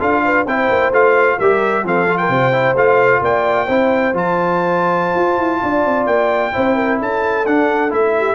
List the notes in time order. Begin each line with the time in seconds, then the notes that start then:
0.00 D4 F4 A4 F5
0.25 B4
0.47 C4 E4 C5 G5
0.70 A#3
0.92 A3 F4 F5
1.39 G3 G4 A#4 E5
1.84 F3 C4 A4 F5
2.09 F4
2.18 A#4 G5
2.29 C3 C5
2.53 E4
2.76 A3 F4 F5
3.22 A#3 D5 G5
3.67 C4 E4 C5
4.14 F3 F4 A5
5.16 F4
5.39 E4
5.63 D4 D5
5.85 C4
6.07 A#3 G5
6.53 C4 E4 C5
6.76 A#4
6.99 C#4 A4 A5
7.47 D4 F#5
7.90 A3 E4 E5
8.18 G4